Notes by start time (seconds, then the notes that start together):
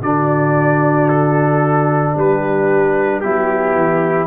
0.00 D3 D4 F#4 D5
1.08 A4
2.16 G3 G4 B4
3.20 F#3 B3 E4 G4
3.75 E3